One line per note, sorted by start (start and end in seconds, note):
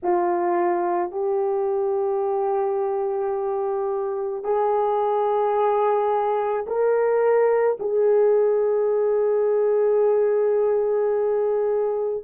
0.03 1.11 F4
1.11 4.43 G4
4.43 6.65 G#4
6.66 7.77 A#4
7.79 12.24 G#4